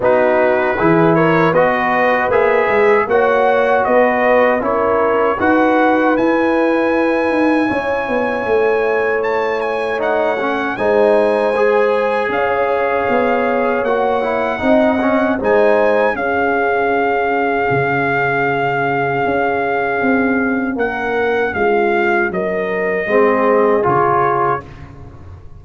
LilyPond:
<<
  \new Staff \with { instrumentName = "trumpet" } { \time 4/4 \tempo 4 = 78 b'4. cis''8 dis''4 e''4 | fis''4 dis''4 cis''4 fis''4 | gis''1 | a''8 gis''8 fis''4 gis''2 |
f''2 fis''2 | gis''4 f''2.~ | f''2. fis''4 | f''4 dis''2 cis''4 | }
  \new Staff \with { instrumentName = "horn" } { \time 4/4 fis'4 gis'8 ais'8 b'2 | cis''4 b'4 ais'4 b'4~ | b'2 cis''2~ | cis''2 c''2 |
cis''2. dis''4 | c''4 gis'2.~ | gis'2. ais'4 | f'4 ais'4 gis'2 | }
  \new Staff \with { instrumentName = "trombone" } { \time 4/4 dis'4 e'4 fis'4 gis'4 | fis'2 e'4 fis'4 | e'1~ | e'4 dis'8 cis'8 dis'4 gis'4~ |
gis'2 fis'8 e'8 dis'8 cis'8 | dis'4 cis'2.~ | cis'1~ | cis'2 c'4 f'4 | }
  \new Staff \with { instrumentName = "tuba" } { \time 4/4 b4 e4 b4 ais8 gis8 | ais4 b4 cis'4 dis'4 | e'4. dis'8 cis'8 b8 a4~ | a2 gis2 |
cis'4 b4 ais4 c'4 | gis4 cis'2 cis4~ | cis4 cis'4 c'4 ais4 | gis4 fis4 gis4 cis4 | }
>>